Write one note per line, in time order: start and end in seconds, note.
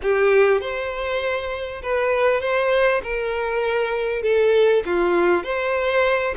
0.02 0.61 G4
0.61 1.82 C5
1.82 2.40 B4
2.40 3.01 C5
3.03 4.22 A#4
4.22 4.83 A4
4.85 5.43 F4
5.43 6.34 C5